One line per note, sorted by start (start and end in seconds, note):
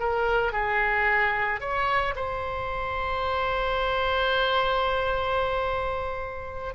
0.00 0.53 A#4
0.53 1.61 G#4
1.61 2.15 C#5
2.16 6.75 C5